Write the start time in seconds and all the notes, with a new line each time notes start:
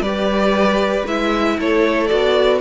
0.00 G3 G4 B4 D5
1.06 G#3 E4 E5
1.57 A3 A4 C#5
2.07 B3 F#4 D5